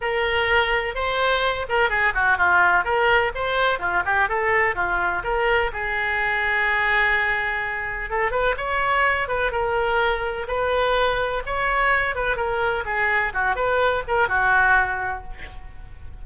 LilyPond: \new Staff \with { instrumentName = "oboe" } { \time 4/4 \tempo 4 = 126 ais'2 c''4. ais'8 | gis'8 fis'8 f'4 ais'4 c''4 | f'8 g'8 a'4 f'4 ais'4 | gis'1~ |
gis'4 a'8 b'8 cis''4. b'8 | ais'2 b'2 | cis''4. b'8 ais'4 gis'4 | fis'8 b'4 ais'8 fis'2 | }